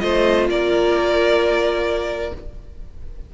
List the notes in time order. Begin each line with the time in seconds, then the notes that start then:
0.00 A3 F4 C5 D#5
0.49 A#3 A#4 D5